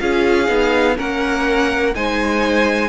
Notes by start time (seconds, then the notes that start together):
0.00 C#4 F4 G#4 F5
0.47 B3 D#4
0.96 A#3 C#4 A#4 F#5
1.95 G#3 D#4 C5 G#5